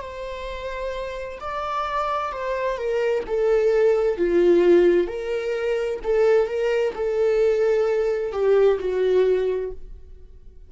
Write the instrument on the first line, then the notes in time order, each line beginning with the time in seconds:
viola
0.00 C5
1.40 D5
2.32 C5
2.77 A#4
3.26 A4
4.17 F4
5.07 A#4
6.04 A4
6.47 A#4
6.94 A4
8.32 G4
8.79 F#4